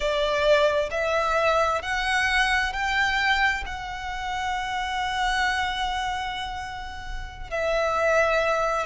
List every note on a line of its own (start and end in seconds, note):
0.00 0.89 D5
0.90 1.81 E5
1.82 2.73 F#5
2.73 3.64 G5
3.66 7.50 F#5
7.50 8.86 E5